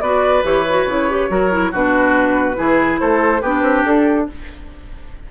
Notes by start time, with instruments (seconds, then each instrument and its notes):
0.00 bassoon B3, clarinet F#4, oboe B4, flute D5
0.43 bassoon E3, clarinet G4, flute C#5
0.69 clarinet F#4
0.85 bassoon C#3, clarinet E4
1.09 clarinet G4
1.29 bassoon F#3, clarinet F#4, oboe A#4
1.51 clarinet E4
1.71 bassoon B2, clarinet D4, oboe F#4, flute B4
2.55 bassoon E3, clarinet E4, oboe G#4
2.99 bassoon A3, oboe A4, flute C5
3.41 bassoon B3, clarinet D4, oboe G4, flute B4
3.62 bassoon C4
3.85 bassoon D4, flute A4